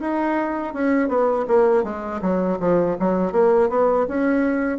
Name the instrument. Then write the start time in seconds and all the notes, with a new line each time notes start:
bassoon
0.00 D#4
0.74 C#4
1.08 B3
1.47 A#3
1.84 G#3
2.22 F#3
2.60 F3
3.00 F#3
3.32 A#3
3.69 B3
4.08 C#4